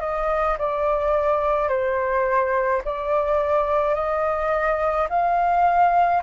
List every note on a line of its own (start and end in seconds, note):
0.00 0.57 D#5
0.58 1.68 D5
1.68 2.81 C5
2.84 3.94 D5
3.94 5.07 D#5
5.09 6.22 F5